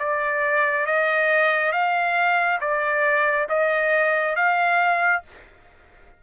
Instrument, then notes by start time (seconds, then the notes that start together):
trumpet
0.00 D5
0.87 D#5
1.73 F5
2.61 D5
3.49 D#5
4.36 F5